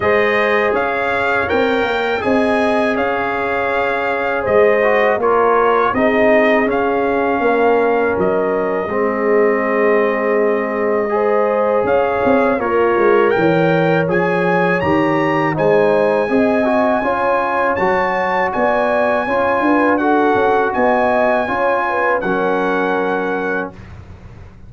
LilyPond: <<
  \new Staff \with { instrumentName = "trumpet" } { \time 4/4 \tempo 4 = 81 dis''4 f''4 g''4 gis''4 | f''2 dis''4 cis''4 | dis''4 f''2 dis''4~ | dis''1 |
f''4 cis''4 g''4 gis''4 | ais''4 gis''2. | a''4 gis''2 fis''4 | gis''2 fis''2 | }
  \new Staff \with { instrumentName = "horn" } { \time 4/4 c''4 cis''2 dis''4 | cis''2 c''4 ais'4 | gis'2 ais'2 | gis'2. c''4 |
cis''4 f'4 cis''2~ | cis''4 c''4 dis''4 cis''4~ | cis''4 d''4 cis''8 b'8 a'4 | dis''4 cis''8 b'8 ais'2 | }
  \new Staff \with { instrumentName = "trombone" } { \time 4/4 gis'2 ais'4 gis'4~ | gis'2~ gis'8 fis'8 f'4 | dis'4 cis'2. | c'2. gis'4~ |
gis'4 ais'2 gis'4 | g'4 dis'4 gis'8 fis'8 f'4 | fis'2 f'4 fis'4~ | fis'4 f'4 cis'2 | }
  \new Staff \with { instrumentName = "tuba" } { \time 4/4 gis4 cis'4 c'8 ais8 c'4 | cis'2 gis4 ais4 | c'4 cis'4 ais4 fis4 | gis1 |
cis'8 c'8 ais8 gis8 e4 f4 | dis4 gis4 c'4 cis'4 | fis4 b4 cis'8 d'4 cis'8 | b4 cis'4 fis2 | }
>>